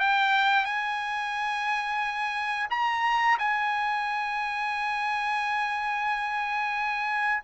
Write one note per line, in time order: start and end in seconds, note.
0.00 0.65 G5
0.65 2.68 G#5
2.71 3.38 A#5
3.39 7.43 G#5